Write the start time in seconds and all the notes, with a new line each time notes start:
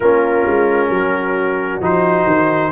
0.00 A#3 C#4 F4 A#4
0.45 G#3
0.89 F#3 F#4
1.80 F3 D#4 C5
2.27 D#3